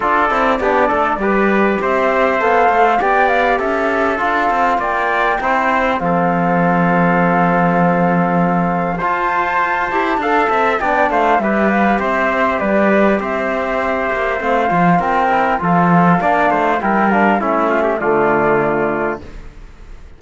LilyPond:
<<
  \new Staff \with { instrumentName = "flute" } { \time 4/4 \tempo 4 = 100 d''2. e''4 | f''4 g''8 f''8 e''4 f''4 | g''2 f''2~ | f''2. a''4~ |
a''2 g''8 f''8 e''8 f''8 | e''4 d''4 e''2 | f''4 g''4 f''2 | g''8 f''8 e''4 d''2 | }
  \new Staff \with { instrumentName = "trumpet" } { \time 4/4 a'4 g'8 a'8 b'4 c''4~ | c''4 d''4 a'2 | d''4 c''4 a'2~ | a'2. c''4~ |
c''4 f''8 e''8 d''8 c''8 b'4 | c''4 b'4 c''2~ | c''4 ais'4 a'4 d''8 c''8 | ais'4 e'8 f'16 g'16 f'2 | }
  \new Staff \with { instrumentName = "trombone" } { \time 4/4 f'8 e'8 d'4 g'2 | a'4 g'2 f'4~ | f'4 e'4 c'2~ | c'2. f'4~ |
f'8 g'8 a'4 d'4 g'4~ | g'1 | c'8 f'4 e'8 f'4 d'4 | e'8 d'8 cis'4 a2 | }
  \new Staff \with { instrumentName = "cello" } { \time 4/4 d'8 c'8 b8 a8 g4 c'4 | b8 a8 b4 cis'4 d'8 c'8 | ais4 c'4 f2~ | f2. f'4~ |
f'8 e'8 d'8 c'8 b8 a8 g4 | c'4 g4 c'4. ais8 | a8 f8 c'4 f4 ais8 a8 | g4 a4 d2 | }
>>